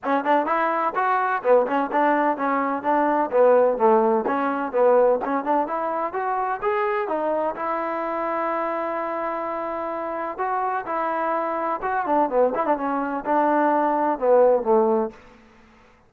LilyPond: \new Staff \with { instrumentName = "trombone" } { \time 4/4 \tempo 4 = 127 cis'8 d'8 e'4 fis'4 b8 cis'8 | d'4 cis'4 d'4 b4 | a4 cis'4 b4 cis'8 d'8 | e'4 fis'4 gis'4 dis'4 |
e'1~ | e'2 fis'4 e'4~ | e'4 fis'8 d'8 b8 e'16 d'16 cis'4 | d'2 b4 a4 | }